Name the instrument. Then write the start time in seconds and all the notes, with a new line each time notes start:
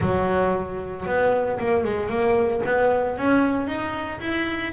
double bass
0.00 F#3
1.06 B3
1.59 A#3
1.83 G#3
2.09 A#3
2.65 B3
3.17 C#4
3.67 D#4
4.20 E4